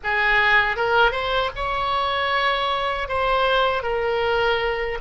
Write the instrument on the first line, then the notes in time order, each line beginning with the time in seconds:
oboe
0.03 G#4
0.76 A#4
1.12 C5
1.55 C#5
3.08 C5
3.83 A#4